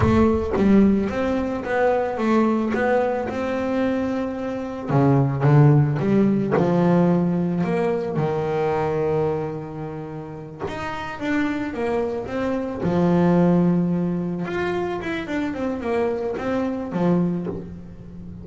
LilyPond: \new Staff \with { instrumentName = "double bass" } { \time 4/4 \tempo 4 = 110 a4 g4 c'4 b4 | a4 b4 c'2~ | c'4 cis4 d4 g4 | f2 ais4 dis4~ |
dis2.~ dis8 dis'8~ | dis'8 d'4 ais4 c'4 f8~ | f2~ f8 f'4 e'8 | d'8 c'8 ais4 c'4 f4 | }